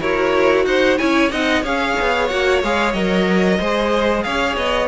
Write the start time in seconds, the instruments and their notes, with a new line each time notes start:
0.00 cello E4, viola F#4, violin A#4 C#5
0.65 cello D#4, violin C5 F#5
0.98 cello C#4, viola E4, violin C#5 G#5
1.31 cello C4, viola D#4, violin D#5 F#5
1.62 cello C#4, viola G#4, violin C#5 F5
2.00 cello B3
2.28 cello A#3, viola F#4, violin F#5
2.63 cello G#3, viola G#4, violin F5
2.93 cello F#3, viola A#4, violin D#5
3.60 cello G#3, viola G#4, violin C5
4.23 cello C#4, violin C#5 F5
4.56 cello B3, violin D#5